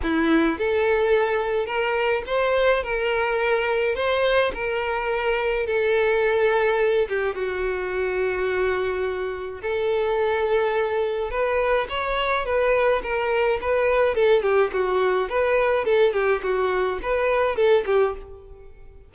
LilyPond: \new Staff \with { instrumentName = "violin" } { \time 4/4 \tempo 4 = 106 e'4 a'2 ais'4 | c''4 ais'2 c''4 | ais'2 a'2~ | a'8 g'8 fis'2.~ |
fis'4 a'2. | b'4 cis''4 b'4 ais'4 | b'4 a'8 g'8 fis'4 b'4 | a'8 g'8 fis'4 b'4 a'8 g'8 | }